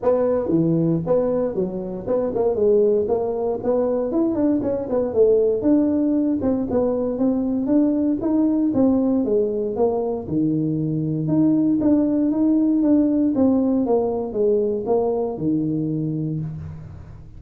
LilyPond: \new Staff \with { instrumentName = "tuba" } { \time 4/4 \tempo 4 = 117 b4 e4 b4 fis4 | b8 ais8 gis4 ais4 b4 | e'8 d'8 cis'8 b8 a4 d'4~ | d'8 c'8 b4 c'4 d'4 |
dis'4 c'4 gis4 ais4 | dis2 dis'4 d'4 | dis'4 d'4 c'4 ais4 | gis4 ais4 dis2 | }